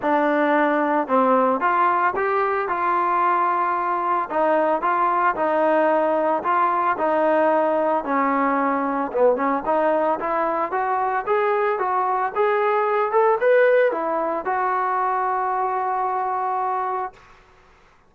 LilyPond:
\new Staff \with { instrumentName = "trombone" } { \time 4/4 \tempo 4 = 112 d'2 c'4 f'4 | g'4 f'2. | dis'4 f'4 dis'2 | f'4 dis'2 cis'4~ |
cis'4 b8 cis'8 dis'4 e'4 | fis'4 gis'4 fis'4 gis'4~ | gis'8 a'8 b'4 e'4 fis'4~ | fis'1 | }